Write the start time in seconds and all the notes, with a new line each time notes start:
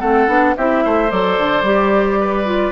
0.00 A3 C4 A4 F#5
0.27 B3 D4
0.57 C4 E4 G4 E5
0.84 A3 C5
1.09 F#3 A4 D5
1.38 D3
1.62 G3 G4
2.19 B4
2.45 F4